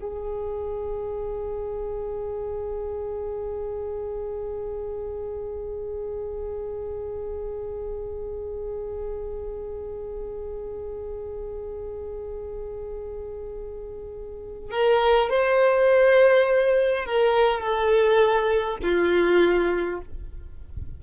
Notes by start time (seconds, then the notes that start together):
0.00 G#4
14.71 A#4
15.29 C5
17.05 A#4
17.60 A4
18.83 F4